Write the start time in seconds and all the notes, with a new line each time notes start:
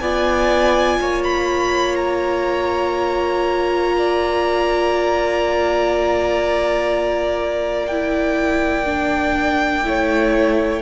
0.00 B3 F4 D5 G#5
1.00 A#3 C#5
1.24 B5
1.96 A#5
3.98 D5
7.87 E4 G5
8.86 D4
9.84 A3 E4 C#5